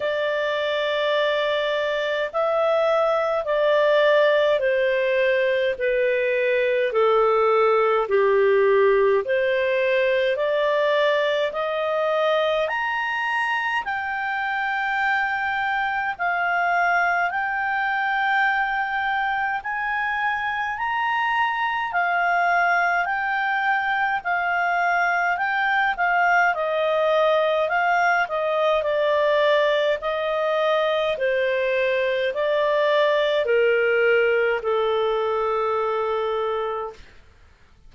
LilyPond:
\new Staff \with { instrumentName = "clarinet" } { \time 4/4 \tempo 4 = 52 d''2 e''4 d''4 | c''4 b'4 a'4 g'4 | c''4 d''4 dis''4 ais''4 | g''2 f''4 g''4~ |
g''4 gis''4 ais''4 f''4 | g''4 f''4 g''8 f''8 dis''4 | f''8 dis''8 d''4 dis''4 c''4 | d''4 ais'4 a'2 | }